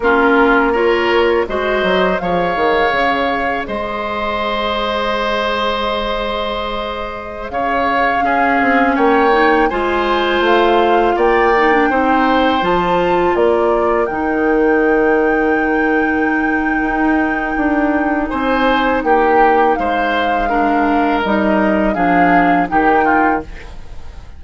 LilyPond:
<<
  \new Staff \with { instrumentName = "flute" } { \time 4/4 \tempo 4 = 82 ais'4 cis''4 dis''4 f''4~ | f''4 dis''2.~ | dis''2~ dis''16 f''4.~ f''16~ | f''16 g''4 gis''4 f''4 g''8.~ |
g''4~ g''16 a''4 d''4 g''8.~ | g''1~ | g''4 gis''4 g''4 f''4~ | f''4 dis''4 f''4 g''4 | }
  \new Staff \with { instrumentName = "oboe" } { \time 4/4 f'4 ais'4 c''4 cis''4~ | cis''4 c''2.~ | c''2~ c''16 cis''4 gis'8.~ | gis'16 cis''4 c''2 d''8.~ |
d''16 c''2 ais'4.~ ais'16~ | ais'1~ | ais'4 c''4 g'4 c''4 | ais'2 gis'4 g'8 f'8 | }
  \new Staff \with { instrumentName = "clarinet" } { \time 4/4 cis'4 f'4 fis'4 gis'4~ | gis'1~ | gis'2.~ gis'16 cis'8.~ | cis'8. dis'8 f'2~ f'8 dis'16 |
d'16 dis'4 f'2 dis'8.~ | dis'1~ | dis'1 | d'4 dis'4 d'4 dis'4 | }
  \new Staff \with { instrumentName = "bassoon" } { \time 4/4 ais2 gis8 fis8 f8 dis8 | cis4 gis2.~ | gis2~ gis16 cis4 cis'8 c'16~ | c'16 ais4 gis4 a4 ais8.~ |
ais16 c'4 f4 ais4 dis8.~ | dis2. dis'4 | d'4 c'4 ais4 gis4~ | gis4 g4 f4 dis4 | }
>>